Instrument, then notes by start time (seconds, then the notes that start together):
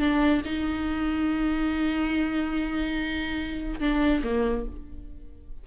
viola
0.00 D4
0.46 D#4
3.80 D4
4.24 A#3